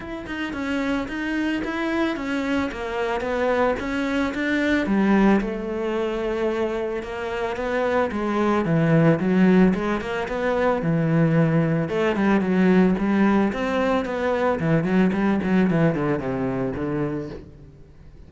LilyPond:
\new Staff \with { instrumentName = "cello" } { \time 4/4 \tempo 4 = 111 e'8 dis'8 cis'4 dis'4 e'4 | cis'4 ais4 b4 cis'4 | d'4 g4 a2~ | a4 ais4 b4 gis4 |
e4 fis4 gis8 ais8 b4 | e2 a8 g8 fis4 | g4 c'4 b4 e8 fis8 | g8 fis8 e8 d8 c4 d4 | }